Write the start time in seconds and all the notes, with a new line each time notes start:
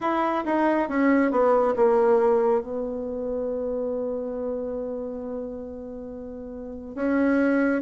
0.00 E4
0.45 D#4
0.89 C#4
1.30 B3
1.75 A#3
2.61 B3
6.95 C#4